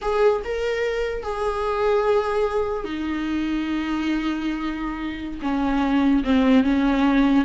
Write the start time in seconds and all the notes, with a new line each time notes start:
0.01 G#4
0.44 A#4
1.22 G#4
2.84 D#4
5.42 C#4
6.24 C4
6.63 C#4